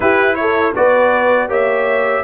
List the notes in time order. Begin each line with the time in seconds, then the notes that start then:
0.00 E4 G4 B4
0.35 A4 C#5
0.75 B3 F#4 B4 D5
1.48 A#3 G4 C#5 E5